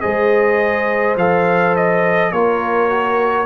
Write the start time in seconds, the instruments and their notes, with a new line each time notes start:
0.00 tuba G#3, trombone G#4, horn C5, trumpet D#5
1.16 tuba F3, trombone A4, trumpet F5
1.75 trumpet D#5
2.31 tuba A#3, trombone F4, horn A#4, trumpet C#5
2.89 trombone F#4